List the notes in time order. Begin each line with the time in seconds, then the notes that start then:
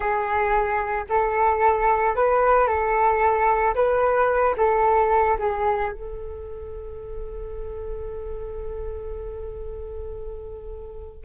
0.00 G#4
1.09 A4
2.15 B4
2.67 A4
3.75 B4
4.57 A4
5.38 G#4
5.92 A4